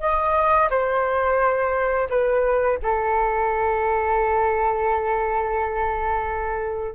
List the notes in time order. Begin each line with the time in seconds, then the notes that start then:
0.00 D#5
0.70 C5
2.10 B4
2.82 A4